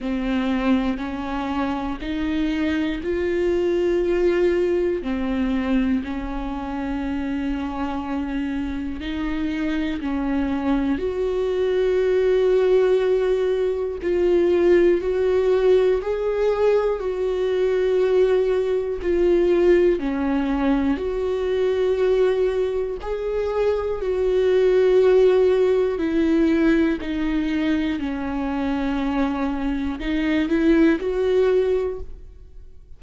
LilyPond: \new Staff \with { instrumentName = "viola" } { \time 4/4 \tempo 4 = 60 c'4 cis'4 dis'4 f'4~ | f'4 c'4 cis'2~ | cis'4 dis'4 cis'4 fis'4~ | fis'2 f'4 fis'4 |
gis'4 fis'2 f'4 | cis'4 fis'2 gis'4 | fis'2 e'4 dis'4 | cis'2 dis'8 e'8 fis'4 | }